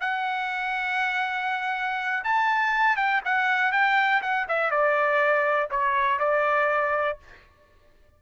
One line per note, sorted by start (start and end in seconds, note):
0.00 2.23 F#5
2.24 2.96 A5
2.96 3.21 G5
3.24 3.72 F#5
3.72 4.21 G5
4.22 4.47 F#5
4.48 4.70 E5
4.70 5.69 D5
5.70 6.19 C#5
6.19 7.18 D5